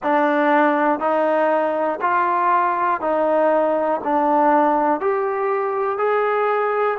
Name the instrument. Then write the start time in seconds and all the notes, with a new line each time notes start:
trombone
0.03 D4
0.99 D#4
2.01 F4
3.00 D#4
4.04 D4
5.00 G4
5.98 G#4